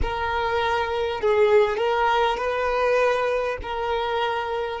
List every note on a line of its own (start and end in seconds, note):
0.02 1.20 A#4
1.20 1.77 G#4
1.77 2.37 A#4
2.37 3.57 B4
3.62 4.80 A#4